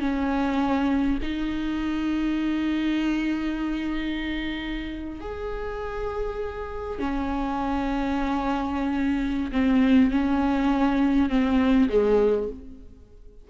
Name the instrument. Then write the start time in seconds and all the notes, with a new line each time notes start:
viola
0.00 C#4
1.22 D#4
5.21 G#4
6.99 C#4
9.52 C4
10.11 C#4
11.30 C4
11.89 G#3